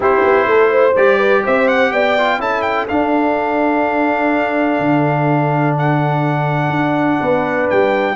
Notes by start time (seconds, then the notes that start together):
0.00 C4 E4 G4 C5
0.23 B3
0.46 A3 A4
0.70 C5
0.95 G3 G4 D5
1.18 B4
1.44 C4 C5 E5
1.68 F#5
1.91 B3 D5 G5
2.17 F4
2.38 C#4 E4 A4 A5
2.62 G5
2.88 D4 F5
4.79 D3
5.78 F#5
6.69 D4
7.20 B3 B4
7.69 G3 G5